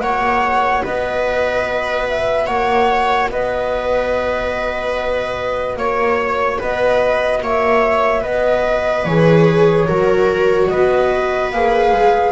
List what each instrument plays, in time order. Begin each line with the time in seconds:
0.00 double bass A#3, viola F#4 C#5, flute F#5
0.83 double bass B3, viola B4, flute D#5
2.09 flute E5
2.46 double bass A#3, viola C#5, flute F#5
3.30 double bass B3, viola B4, flute D#5
5.76 double bass A#3, flute C#5, viola C#5
6.59 double bass B3, viola B4, flute D#5
7.42 double bass A#3, viola C#5, flute E5
8.21 double bass B3, viola B4, flute D#5
9.05 double bass E3, viola G#4, flute C#5
9.87 double bass F#3, viola F#4 A#4
10.68 double bass B3, viola B4, flute D#5
11.51 double bass A#3, viola G#4, flute F5
11.92 double bass G#3